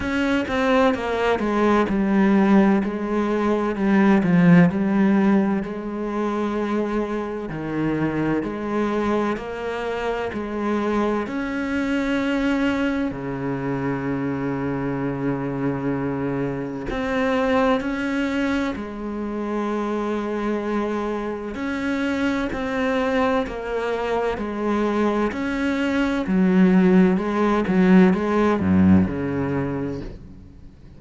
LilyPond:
\new Staff \with { instrumentName = "cello" } { \time 4/4 \tempo 4 = 64 cis'8 c'8 ais8 gis8 g4 gis4 | g8 f8 g4 gis2 | dis4 gis4 ais4 gis4 | cis'2 cis2~ |
cis2 c'4 cis'4 | gis2. cis'4 | c'4 ais4 gis4 cis'4 | fis4 gis8 fis8 gis8 fis,8 cis4 | }